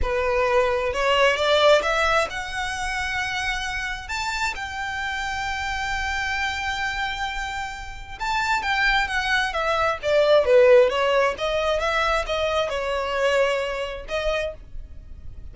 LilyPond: \new Staff \with { instrumentName = "violin" } { \time 4/4 \tempo 4 = 132 b'2 cis''4 d''4 | e''4 fis''2.~ | fis''4 a''4 g''2~ | g''1~ |
g''2 a''4 g''4 | fis''4 e''4 d''4 b'4 | cis''4 dis''4 e''4 dis''4 | cis''2. dis''4 | }